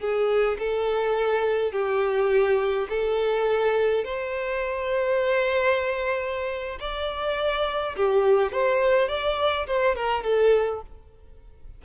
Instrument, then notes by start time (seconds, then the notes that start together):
violin
0.00 G#4
0.59 A4
1.72 G4
2.89 A4
4.05 C5
6.80 D5
7.96 G4
8.52 C5
9.08 D5
9.67 C5
9.95 A#4
10.24 A4